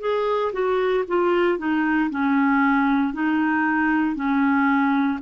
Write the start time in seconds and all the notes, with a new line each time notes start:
0.00 G#4
0.52 F#4
1.08 F4
1.58 D#4
2.10 C#4
3.13 D#4
4.16 C#4